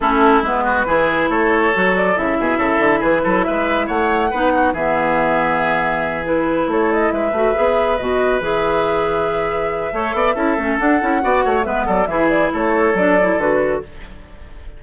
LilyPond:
<<
  \new Staff \with { instrumentName = "flute" } { \time 4/4 \tempo 4 = 139 a'4 b'2 cis''4~ | cis''8 d''8 e''2 b'4 | e''4 fis''2 e''4~ | e''2~ e''8 b'4 cis''8 |
dis''8 e''2 dis''4 e''8~ | e''1~ | e''4 fis''2 e''8 d''8 | e''8 d''8 cis''4 d''4 b'4 | }
  \new Staff \with { instrumentName = "oboe" } { \time 4/4 e'4. fis'8 gis'4 a'4~ | a'4. gis'8 a'4 gis'8 a'8 | b'4 cis''4 b'8 fis'8 gis'4~ | gis'2.~ gis'8 a'8~ |
a'8 b'2.~ b'8~ | b'2. cis''8 d''8 | a'2 d''8 cis''8 b'8 a'8 | gis'4 a'2. | }
  \new Staff \with { instrumentName = "clarinet" } { \time 4/4 cis'4 b4 e'2 | fis'4 e'2.~ | e'2 dis'4 b4~ | b2~ b8 e'4.~ |
e'4 fis'8 gis'4 fis'4 gis'8~ | gis'2. a'4 | e'8 cis'8 d'8 e'8 fis'4 b4 | e'2 d'8 e'8 fis'4 | }
  \new Staff \with { instrumentName = "bassoon" } { \time 4/4 a4 gis4 e4 a4 | fis4 cis8 b,8 cis8 d8 e8 fis8 | gis4 a4 b4 e4~ | e2.~ e8 a8~ |
a8 gis8 a8 b4 b,4 e8~ | e2. a8 b8 | cis'8 a8 d'8 cis'8 b8 a8 gis8 fis8 | e4 a4 fis4 d4 | }
>>